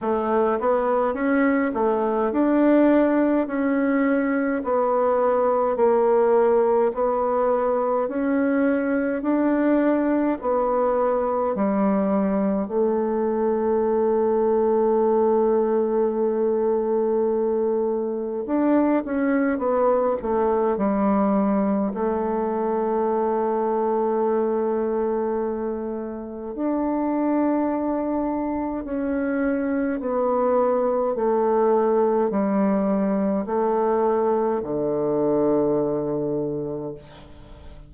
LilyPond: \new Staff \with { instrumentName = "bassoon" } { \time 4/4 \tempo 4 = 52 a8 b8 cis'8 a8 d'4 cis'4 | b4 ais4 b4 cis'4 | d'4 b4 g4 a4~ | a1 |
d'8 cis'8 b8 a8 g4 a4~ | a2. d'4~ | d'4 cis'4 b4 a4 | g4 a4 d2 | }